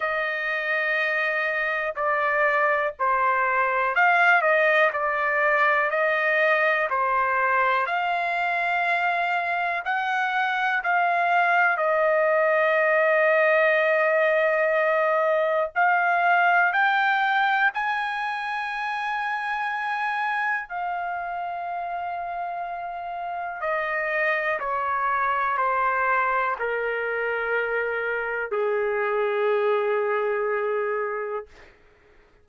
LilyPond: \new Staff \with { instrumentName = "trumpet" } { \time 4/4 \tempo 4 = 61 dis''2 d''4 c''4 | f''8 dis''8 d''4 dis''4 c''4 | f''2 fis''4 f''4 | dis''1 |
f''4 g''4 gis''2~ | gis''4 f''2. | dis''4 cis''4 c''4 ais'4~ | ais'4 gis'2. | }